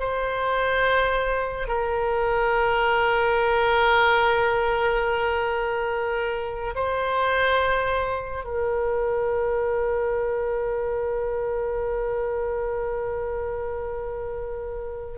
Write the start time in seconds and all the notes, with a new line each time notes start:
0.00 C5
1.68 A#4
6.75 C5
8.44 A#4